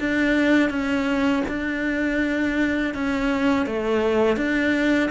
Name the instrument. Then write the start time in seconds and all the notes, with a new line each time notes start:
cello
0.00 D4
0.70 C#4
1.48 D4
2.95 C#4
3.67 A3
4.37 D4